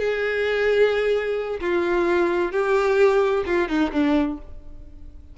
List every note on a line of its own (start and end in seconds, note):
0.00 1.60 G#4
1.61 2.52 F4
2.52 3.44 G4
3.46 3.69 F4
3.69 3.92 D#4
3.92 4.38 D4